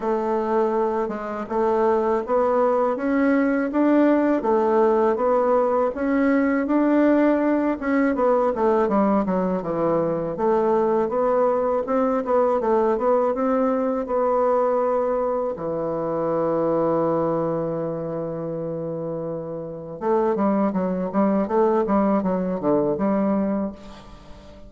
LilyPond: \new Staff \with { instrumentName = "bassoon" } { \time 4/4 \tempo 4 = 81 a4. gis8 a4 b4 | cis'4 d'4 a4 b4 | cis'4 d'4. cis'8 b8 a8 | g8 fis8 e4 a4 b4 |
c'8 b8 a8 b8 c'4 b4~ | b4 e2.~ | e2. a8 g8 | fis8 g8 a8 g8 fis8 d8 g4 | }